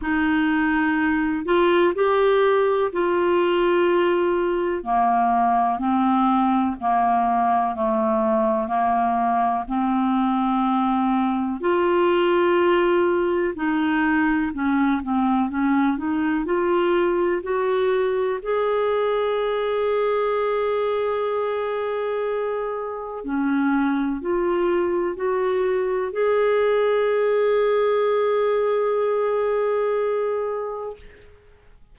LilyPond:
\new Staff \with { instrumentName = "clarinet" } { \time 4/4 \tempo 4 = 62 dis'4. f'8 g'4 f'4~ | f'4 ais4 c'4 ais4 | a4 ais4 c'2 | f'2 dis'4 cis'8 c'8 |
cis'8 dis'8 f'4 fis'4 gis'4~ | gis'1 | cis'4 f'4 fis'4 gis'4~ | gis'1 | }